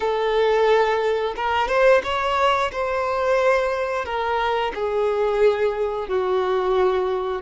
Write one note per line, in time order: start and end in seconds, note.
0.00 1.34 A4
1.36 1.68 A#4
1.68 2.01 C5
2.03 2.71 C#5
2.72 4.04 C5
4.04 4.72 A#4
4.74 6.08 G#4
6.08 7.42 F#4